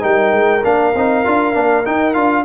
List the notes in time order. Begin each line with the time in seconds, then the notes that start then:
0.00 G3 D#4 A#4 G5
0.32 G#3
0.64 A#3 D4 F5
0.95 C4 D#4
1.25 D4 F4
1.54 A#3 D4
1.84 D#4 G5
2.14 D4 F4 F5